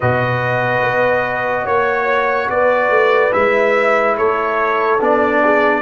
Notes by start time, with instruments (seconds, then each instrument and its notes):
0.00 tuba B2, trombone F#4, horn B4, trumpet D#5
0.82 tuba B3
1.62 tuba A#3, horn C#5, trumpet C#5
2.49 tuba B3, horn B4, trumpet D5
2.89 tuba A3
3.32 tuba G#3, trombone E4, trumpet E5
4.17 tuba A3, horn A4, trumpet C#5
5.00 tuba B3, trombone D4, trumpet D5
5.44 horn G#4